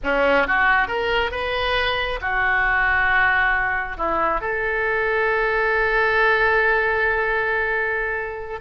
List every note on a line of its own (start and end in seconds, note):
0.03 0.47 C#4
0.47 0.87 F#4
0.87 1.31 A#4
1.31 2.19 B4
2.21 3.97 F#4
3.97 4.40 E4
4.40 8.59 A4